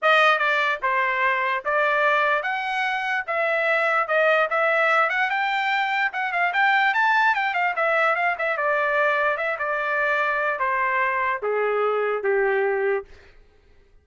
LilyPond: \new Staff \with { instrumentName = "trumpet" } { \time 4/4 \tempo 4 = 147 dis''4 d''4 c''2 | d''2 fis''2 | e''2 dis''4 e''4~ | e''8 fis''8 g''2 fis''8 f''8 |
g''4 a''4 g''8 f''8 e''4 | f''8 e''8 d''2 e''8 d''8~ | d''2 c''2 | gis'2 g'2 | }